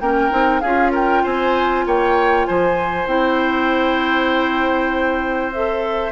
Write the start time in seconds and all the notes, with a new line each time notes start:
0.00 A#3 C#4 A#4 G5
0.30 C4 D#4
0.60 C#4 F4 G#4 F5
0.91 A#4 G5
1.23 C4 C5 G#5
1.86 A#3 C#5 G5
2.45 F3 C5 G#5
3.06 C4 E4 G5
5.53 A4 E5